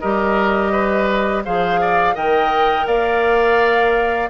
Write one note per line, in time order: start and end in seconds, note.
0.00 1.46 G3
0.00 1.45 G4
0.00 0.72 A#4
0.00 1.43 D#5
0.72 1.43 B4
1.45 2.16 F3
1.45 2.14 G#4
1.45 1.81 C5
1.45 2.16 F5
1.81 2.15 D5
2.14 2.87 D#3
2.14 4.29 A#4
2.14 2.86 D#5
2.14 2.87 G5
2.87 4.29 A#3
2.87 4.29 D5
2.87 4.29 F5